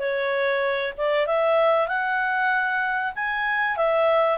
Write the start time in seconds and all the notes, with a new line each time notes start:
0.00 C#5
0.98 D5
1.27 E5
1.88 F#5
3.16 G#5
3.77 E5